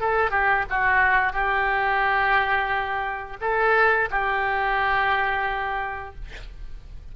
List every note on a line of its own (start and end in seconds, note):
0.00 0.31 A4
0.31 0.65 G4
0.70 1.33 F#4
1.33 3.37 G4
3.41 4.09 A4
4.11 6.15 G4